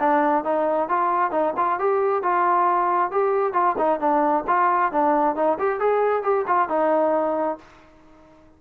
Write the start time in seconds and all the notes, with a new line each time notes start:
0.00 D4
0.44 D#4
0.89 F4
1.32 D#4
1.58 F4
1.80 G4
2.23 F4
3.12 G4
3.54 F4
3.79 D#4
4.00 D4
4.48 F4
4.93 D4
5.36 D#4
5.59 G4
5.80 G#4
6.23 G4
6.48 F4
6.69 D#4